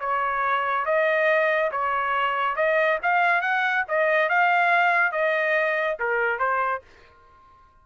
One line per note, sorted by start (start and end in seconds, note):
0.00 0.85 C#5
0.85 1.71 D#5
1.72 2.56 C#5
2.56 2.99 D#5
3.03 3.41 F5
3.41 3.84 F#5
3.88 4.29 D#5
4.29 5.12 F5
5.12 5.97 D#5
6.00 6.39 A#4
6.39 6.82 C5